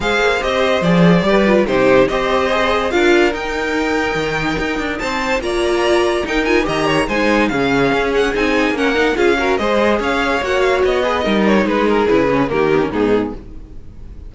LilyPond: <<
  \new Staff \with { instrumentName = "violin" } { \time 4/4 \tempo 4 = 144 f''4 dis''4 d''2 | c''4 dis''2 f''4 | g''1 | a''4 ais''2 g''8 gis''8 |
ais''4 gis''4 f''4. fis''8 | gis''4 fis''4 f''4 dis''4 | f''4 fis''8 f''8 dis''4. cis''8 | b'8 ais'8 b'4 ais'4 gis'4 | }
  \new Staff \with { instrumentName = "violin" } { \time 4/4 c''2. b'4 | g'4 c''2 ais'4~ | ais'1 | c''4 d''2 ais'4 |
dis''8 cis''8 c''4 gis'2~ | gis'4 ais'4 gis'8 ais'8 c''4 | cis''2~ cis''8 b'8 ais'4 | gis'2 g'4 dis'4 | }
  \new Staff \with { instrumentName = "viola" } { \time 4/4 gis'4 g'4 gis'4 g'8 f'8 | dis'4 g'4 gis'4 f'4 | dis'1~ | dis'4 f'2 dis'8 f'8 |
g'4 dis'4 cis'2 | dis'4 cis'8 dis'8 f'8 fis'8 gis'4~ | gis'4 fis'4. gis'8 dis'4~ | dis'4 e'8 cis'8 ais8 b16 cis'16 b4 | }
  \new Staff \with { instrumentName = "cello" } { \time 4/4 gis8 ais8 c'4 f4 g4 | c4 c'2 d'4 | dis'2 dis4 dis'8 d'8 | c'4 ais2 dis'4 |
dis4 gis4 cis4 cis'4 | c'4 ais4 cis'4 gis4 | cis'4 ais4 b4 g4 | gis4 cis4 dis4 gis,4 | }
>>